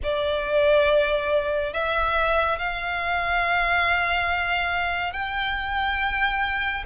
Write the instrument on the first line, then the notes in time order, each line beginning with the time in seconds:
violin
0.03 D5
1.73 E5
2.58 F5
5.12 G5